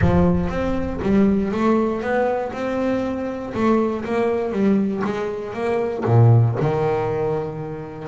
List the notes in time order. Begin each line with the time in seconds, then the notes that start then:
0.01 F3
0.49 C4
1.02 G3
1.51 A3
2.01 B3
2.52 C4
3.53 A3
4.04 A#3
4.52 G3
5.04 G#3
5.53 A#3
6.05 A#2
6.60 D#3